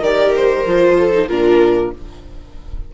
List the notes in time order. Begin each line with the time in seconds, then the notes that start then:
0.00 D#3 G4 A#4 D5
0.36 C5
0.66 F3 F4
0.98 A4
1.12 D#4
1.28 A#2 D4 F4 A#4